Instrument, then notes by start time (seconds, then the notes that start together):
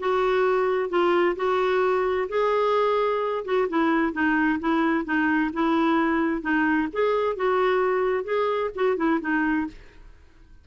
clarinet
0.00 F#4
0.90 F4
1.36 F#4
2.29 G#4
3.45 F#4
3.69 E4
4.13 D#4
4.60 E4
5.05 D#4
5.54 E4
6.42 D#4
6.93 G#4
7.37 F#4
8.25 G#4
8.76 F#4
8.97 E4
9.21 D#4